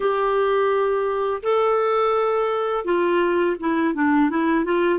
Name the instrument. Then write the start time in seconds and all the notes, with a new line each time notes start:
clarinet
0.00 G4
1.42 A4
2.84 F4
3.59 E4
3.94 D4
4.30 E4
4.64 F4